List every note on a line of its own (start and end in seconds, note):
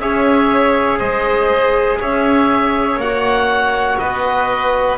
0.00 1.00 C#4
0.00 3.01 G#4
0.00 0.99 C#5
0.00 0.99 E5
0.99 2.00 G#3
0.99 1.99 C5
0.99 1.99 D#5
2.00 2.97 C#4
2.00 4.00 C#5
2.00 3.00 E5
2.97 3.97 A#3
2.97 4.98 F#4
2.97 3.98 F#5
3.98 4.98 B3
3.98 4.98 B4
3.98 4.98 D#5